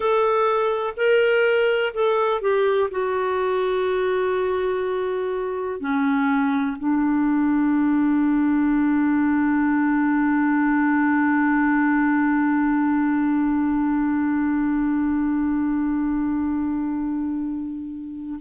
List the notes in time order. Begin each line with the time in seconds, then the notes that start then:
0.00 A4
0.96 A#4
1.94 A4
2.41 G4
2.90 F#4
5.80 C#4
6.78 D4